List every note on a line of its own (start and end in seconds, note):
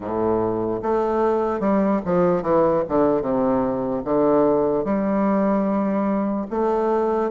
0.00 0.80 A2
0.82 1.60 A3
1.60 2.00 G3
2.05 2.42 F3
2.42 2.83 E3
2.88 3.21 D3
3.21 4.02 C3
4.04 4.84 D3
4.84 6.46 G3
6.50 7.30 A3